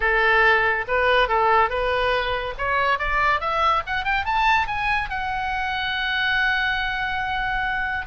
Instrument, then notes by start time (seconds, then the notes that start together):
oboe
0.00 A4
0.87 B4
1.28 A4
1.69 B4
2.58 C#5
2.99 D5
3.40 E5
3.86 F#5
4.04 G5
4.25 A5
4.67 G#5
5.09 F#5